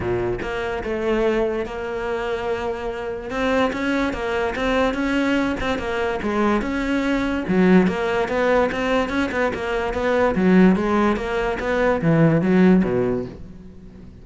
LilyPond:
\new Staff \with { instrumentName = "cello" } { \time 4/4 \tempo 4 = 145 ais,4 ais4 a2 | ais1 | c'4 cis'4 ais4 c'4 | cis'4. c'8 ais4 gis4 |
cis'2 fis4 ais4 | b4 c'4 cis'8 b8 ais4 | b4 fis4 gis4 ais4 | b4 e4 fis4 b,4 | }